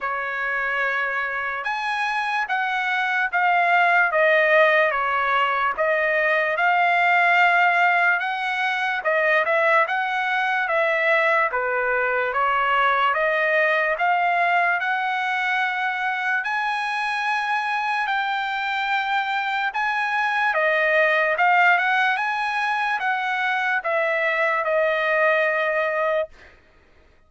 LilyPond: \new Staff \with { instrumentName = "trumpet" } { \time 4/4 \tempo 4 = 73 cis''2 gis''4 fis''4 | f''4 dis''4 cis''4 dis''4 | f''2 fis''4 dis''8 e''8 | fis''4 e''4 b'4 cis''4 |
dis''4 f''4 fis''2 | gis''2 g''2 | gis''4 dis''4 f''8 fis''8 gis''4 | fis''4 e''4 dis''2 | }